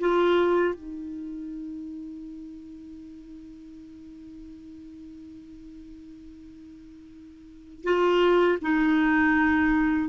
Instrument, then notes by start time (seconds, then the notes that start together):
clarinet
0.00 F4
0.75 D#4
7.84 F4
8.62 D#4